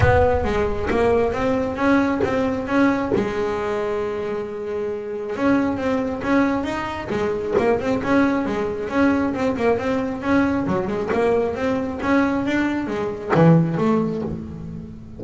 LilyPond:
\new Staff \with { instrumentName = "double bass" } { \time 4/4 \tempo 4 = 135 b4 gis4 ais4 c'4 | cis'4 c'4 cis'4 gis4~ | gis1 | cis'4 c'4 cis'4 dis'4 |
gis4 ais8 c'8 cis'4 gis4 | cis'4 c'8 ais8 c'4 cis'4 | fis8 gis8 ais4 c'4 cis'4 | d'4 gis4 e4 a4 | }